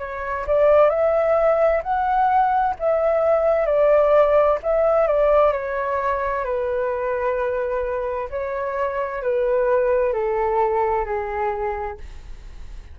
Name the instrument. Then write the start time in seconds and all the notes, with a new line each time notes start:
flute
0.00 C#5
0.47 D5
0.90 E5
1.83 F#5
2.80 E5
3.66 D5
4.63 E5
5.08 D5
5.53 C#5
6.45 B4
8.31 C#5
9.23 B4
10.14 A4
11.06 G#4